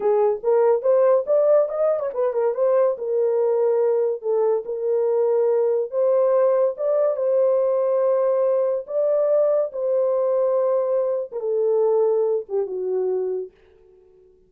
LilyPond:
\new Staff \with { instrumentName = "horn" } { \time 4/4 \tempo 4 = 142 gis'4 ais'4 c''4 d''4 | dis''8. cis''16 b'8 ais'8 c''4 ais'4~ | ais'2 a'4 ais'4~ | ais'2 c''2 |
d''4 c''2.~ | c''4 d''2 c''4~ | c''2~ c''8. ais'16 a'4~ | a'4. g'8 fis'2 | }